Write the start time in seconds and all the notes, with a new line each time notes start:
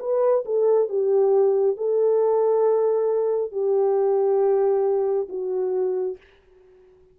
0.00 B4
0.45 A4
0.89 G4
1.77 A4
3.52 G4
5.29 F#4